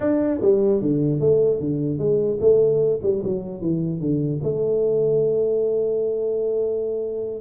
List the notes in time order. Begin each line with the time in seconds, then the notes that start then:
0.00 D4
0.41 G3
0.81 D3
1.20 A3
1.60 D3
1.98 G#3
2.40 A3
3.02 G3
3.23 F#3
3.61 E3
4.00 D3
4.43 A3